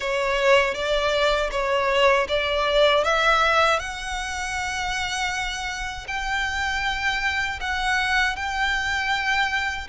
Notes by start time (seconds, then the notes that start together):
0.00 C#5
0.74 D5
1.51 C#5
2.28 D5
3.04 E5
3.79 F#5
6.07 G5
7.60 F#5
8.35 G5